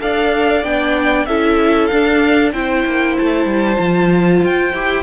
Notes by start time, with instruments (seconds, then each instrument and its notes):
0.00 cello D4, viola A4, violin D5 F5
0.63 cello B3, viola D4, violin G5
1.26 cello C#4, viola E4, violin A4 E5
1.87 viola D4, cello D4, violin F5
2.53 cello C4, viola E4, violin C5 G5
2.86 cello A#3
3.17 cello A3, violin A5
3.46 cello G3
3.77 cello F3, viola F4
4.43 cello F4, violin G5
4.73 cello E4, viola G4